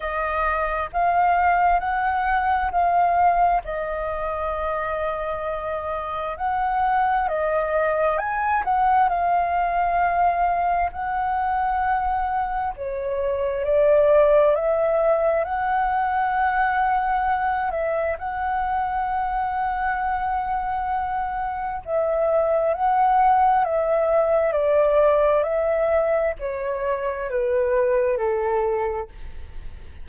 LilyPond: \new Staff \with { instrumentName = "flute" } { \time 4/4 \tempo 4 = 66 dis''4 f''4 fis''4 f''4 | dis''2. fis''4 | dis''4 gis''8 fis''8 f''2 | fis''2 cis''4 d''4 |
e''4 fis''2~ fis''8 e''8 | fis''1 | e''4 fis''4 e''4 d''4 | e''4 cis''4 b'4 a'4 | }